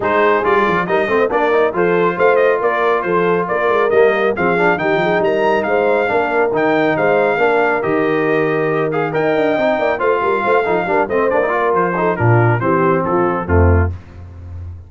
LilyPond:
<<
  \new Staff \with { instrumentName = "trumpet" } { \time 4/4 \tempo 4 = 138 c''4 d''4 dis''4 d''4 | c''4 f''8 dis''8 d''4 c''4 | d''4 dis''4 f''4 g''4 | ais''4 f''2 g''4 |
f''2 dis''2~ | dis''8 f''8 g''2 f''4~ | f''4. dis''8 d''4 c''4 | ais'4 c''4 a'4 f'4 | }
  \new Staff \with { instrumentName = "horn" } { \time 4/4 gis'2 ais'8 c''8 ais'4 | a'4 c''4 ais'4 a'4 | ais'2 gis'4 g'8 gis'8 | ais'4 c''4 ais'2 |
c''4 ais'2.~ | ais'4 dis''4. d''8 c''8 ais'8 | c''8 a'8 ais'8 c''4 ais'4 a'8 | f'4 g'4 f'4 c'4 | }
  \new Staff \with { instrumentName = "trombone" } { \time 4/4 dis'4 f'4 dis'8 c'8 d'8 dis'8 | f'1~ | f'4 ais4 c'8 d'8 dis'4~ | dis'2 d'4 dis'4~ |
dis'4 d'4 g'2~ | g'8 gis'8 ais'4 dis'4 f'4~ | f'8 dis'8 d'8 c'8 d'16 dis'16 f'4 dis'8 | d'4 c'2 a4 | }
  \new Staff \with { instrumentName = "tuba" } { \time 4/4 gis4 g8 f8 g8 a8 ais4 | f4 a4 ais4 f4 | ais8 gis8 g4 f4 dis8 f8 | g4 gis4 ais4 dis4 |
gis4 ais4 dis2~ | dis4 dis'8 d'8 c'8 ais8 a8 g8 | a8 f8 g8 a8 ais4 f4 | ais,4 e4 f4 f,4 | }
>>